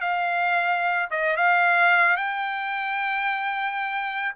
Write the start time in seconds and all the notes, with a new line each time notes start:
0.00 F5
1.10 D#5
1.36 F5
2.16 G5